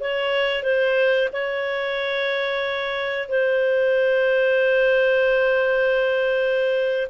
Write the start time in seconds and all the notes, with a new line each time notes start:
0.00 C#5
0.63 C5
1.32 C#5
3.29 C5